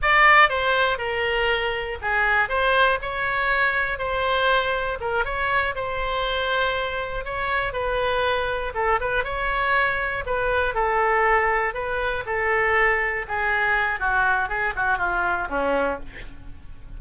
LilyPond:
\new Staff \with { instrumentName = "oboe" } { \time 4/4 \tempo 4 = 120 d''4 c''4 ais'2 | gis'4 c''4 cis''2 | c''2 ais'8 cis''4 c''8~ | c''2~ c''8 cis''4 b'8~ |
b'4. a'8 b'8 cis''4.~ | cis''8 b'4 a'2 b'8~ | b'8 a'2 gis'4. | fis'4 gis'8 fis'8 f'4 cis'4 | }